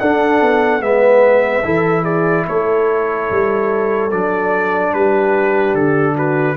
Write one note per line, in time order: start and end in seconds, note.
0.00 0.41 D4
0.00 0.81 D4
0.00 0.84 A4
0.00 0.82 F#5
0.41 0.80 B3
0.80 1.63 G#3
0.80 1.63 B3
0.80 1.65 B4
0.80 2.04 E5
1.64 2.46 E3
1.64 4.11 E4
1.64 2.03 A4
2.03 2.44 G#4
2.03 2.46 D5
2.47 3.31 A3
2.47 4.96 A4
2.47 4.11 C#5
3.31 4.12 G3
4.11 4.94 F#3
4.11 6.57 D4
4.11 4.94 D5
4.94 5.75 G3
4.94 6.15 G4
4.94 5.75 B4
5.75 6.57 D3
5.75 6.16 A4
6.15 6.57 F#4
6.15 6.57 B4